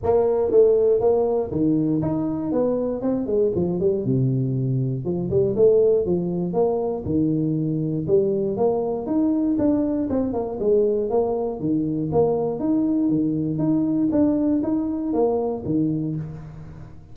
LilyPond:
\new Staff \with { instrumentName = "tuba" } { \time 4/4 \tempo 4 = 119 ais4 a4 ais4 dis4 | dis'4 b4 c'8 gis8 f8 g8 | c2 f8 g8 a4 | f4 ais4 dis2 |
g4 ais4 dis'4 d'4 | c'8 ais8 gis4 ais4 dis4 | ais4 dis'4 dis4 dis'4 | d'4 dis'4 ais4 dis4 | }